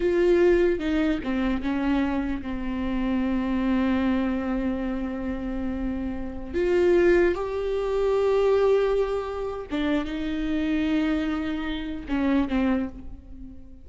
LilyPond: \new Staff \with { instrumentName = "viola" } { \time 4/4 \tempo 4 = 149 f'2 dis'4 c'4 | cis'2 c'2~ | c'1~ | c'1~ |
c'16 f'2 g'4.~ g'16~ | g'1 | d'4 dis'2.~ | dis'2 cis'4 c'4 | }